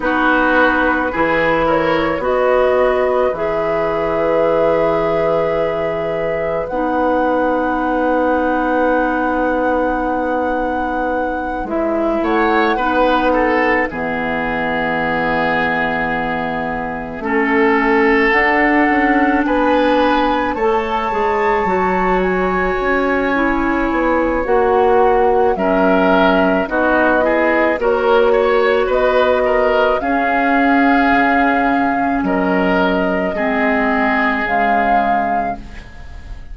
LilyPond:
<<
  \new Staff \with { instrumentName = "flute" } { \time 4/4 \tempo 4 = 54 b'4. cis''8 dis''4 e''4~ | e''2 fis''2~ | fis''2~ fis''8 e''8 fis''4~ | fis''8 e''2.~ e''8~ |
e''8 fis''4 gis''4 a''4. | gis''2 fis''4 e''4 | dis''4 cis''4 dis''4 f''4~ | f''4 dis''2 f''4 | }
  \new Staff \with { instrumentName = "oboe" } { \time 4/4 fis'4 gis'8 ais'8 b'2~ | b'1~ | b'2. cis''8 b'8 | a'8 gis'2. a'8~ |
a'4. b'4 cis''4.~ | cis''2. ais'4 | fis'8 gis'8 ais'8 cis''8 b'8 ais'8 gis'4~ | gis'4 ais'4 gis'2 | }
  \new Staff \with { instrumentName = "clarinet" } { \time 4/4 dis'4 e'4 fis'4 gis'4~ | gis'2 dis'2~ | dis'2~ dis'8 e'4 dis'8~ | dis'8 b2. cis'8~ |
cis'8 d'2 a'8 gis'8 fis'8~ | fis'4 e'4 fis'4 cis'4 | dis'8 e'8 fis'2 cis'4~ | cis'2 c'4 gis4 | }
  \new Staff \with { instrumentName = "bassoon" } { \time 4/4 b4 e4 b4 e4~ | e2 b2~ | b2~ b8 gis8 a8 b8~ | b8 e2. a8~ |
a8 d'8 cis'8 b4 a8 gis8 fis8~ | fis8 cis'4 b8 ais4 fis4 | b4 ais4 b4 cis'4 | cis4 fis4 gis4 cis4 | }
>>